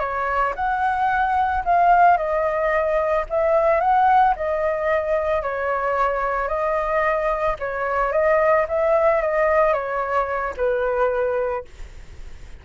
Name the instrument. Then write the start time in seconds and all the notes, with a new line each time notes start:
flute
0.00 C#5
0.56 F#5
1.65 F5
2.17 D#5
3.30 E5
3.81 F#5
4.36 D#5
5.43 C#5
6.48 D#5
7.59 C#5
8.12 D#5
8.69 E5
9.22 D#5
9.73 C#5
10.57 B4